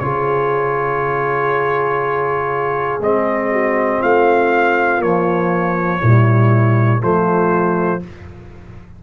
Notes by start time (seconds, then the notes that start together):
0.00 C#3 F4 G#4 C#5
3.00 G#3 C4 D#5
3.52 F#4
4.00 A3 F4 F5
4.99 F3 A#3 C#5
6.01 A#2 G3 E4
7.01 F3 A3 F4 C5